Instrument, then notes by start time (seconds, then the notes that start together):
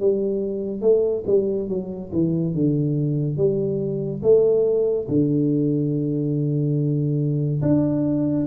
tuba
0.00 G3
0.82 A3
1.27 G3
1.69 F#3
2.13 E3
2.55 D3
3.37 G3
4.23 A3
5.08 D3
7.62 D4